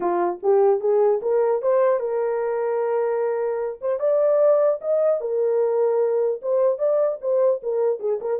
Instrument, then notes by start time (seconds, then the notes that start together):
horn
0.00 F4
0.42 G4
0.80 G#4
1.22 A#4
1.61 C5
1.99 A#4
3.81 C5
3.99 D5
4.81 D#5
5.20 A#4
6.42 C5
6.78 D5
7.21 C5
7.62 A#4
7.99 G#4
8.20 A#4